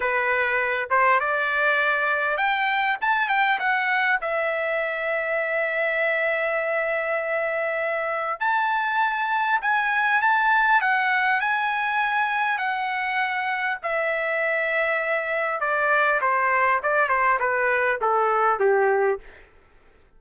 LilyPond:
\new Staff \with { instrumentName = "trumpet" } { \time 4/4 \tempo 4 = 100 b'4. c''8 d''2 | g''4 a''8 g''8 fis''4 e''4~ | e''1~ | e''2 a''2 |
gis''4 a''4 fis''4 gis''4~ | gis''4 fis''2 e''4~ | e''2 d''4 c''4 | d''8 c''8 b'4 a'4 g'4 | }